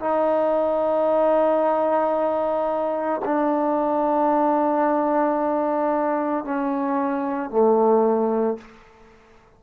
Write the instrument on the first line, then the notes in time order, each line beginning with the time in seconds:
trombone
0.00 D#4
3.25 D4
6.45 C#4
7.50 A3